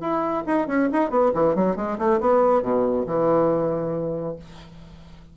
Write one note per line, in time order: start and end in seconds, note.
0.00 0.43 E4
0.46 0.67 D#4
0.67 0.88 C#4
0.92 1.10 D#4
1.10 1.31 B3
1.34 1.55 E3
1.55 1.76 F#3
1.76 1.97 G#3
1.98 2.20 A3
2.20 2.62 B3
2.62 3.05 B2
3.06 4.36 E3